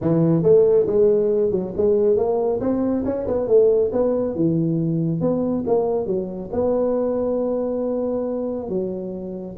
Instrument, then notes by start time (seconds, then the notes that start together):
tuba
0.01 E3
0.42 A3
0.87 G#3
1.51 F#3
1.76 G#3
2.16 A#3
2.60 C4
3.05 C#4
3.27 B3
3.47 A3
3.92 B3
4.35 E3
5.21 B3
5.66 A#3
6.06 F#3
6.52 B3
8.69 F#3